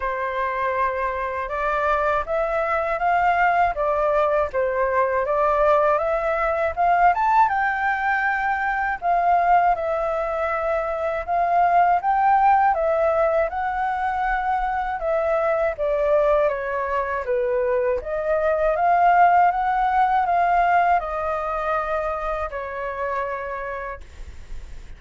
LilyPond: \new Staff \with { instrumentName = "flute" } { \time 4/4 \tempo 4 = 80 c''2 d''4 e''4 | f''4 d''4 c''4 d''4 | e''4 f''8 a''8 g''2 | f''4 e''2 f''4 |
g''4 e''4 fis''2 | e''4 d''4 cis''4 b'4 | dis''4 f''4 fis''4 f''4 | dis''2 cis''2 | }